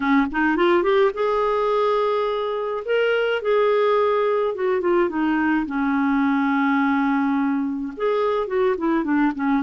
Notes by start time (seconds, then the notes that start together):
0.00 C#4
0.31 D#4
0.56 F4
0.83 G4
1.13 G#4
2.85 A#4
3.41 G#4
4.54 F#4
4.80 F4
5.09 D#4
5.66 C#4
7.96 G#4
8.47 F#4
8.77 E4
9.03 D4
9.35 C#4